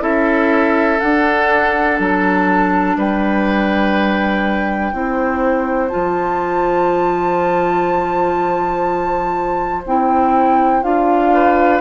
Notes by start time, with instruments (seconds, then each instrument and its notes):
0.00 bassoon C#4, clarinet E4, oboe A4, flute E5
1.00 clarinet D4, bassoon D4, flute F#5
2.00 bassoon F#3, flute A5
2.96 bassoon G3, oboe B4, flute G5
4.93 bassoon C4, clarinet E4, oboe C5
5.89 bassoon F3, clarinet F4, flute A5
9.85 bassoon C4, clarinet E4, flute G5
10.83 bassoon D4, clarinet F4, flute F5
11.34 oboe B4